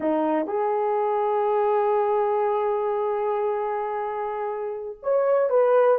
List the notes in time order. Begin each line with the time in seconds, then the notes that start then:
0.00 D#4
0.47 G#4
5.02 C#5
5.49 B4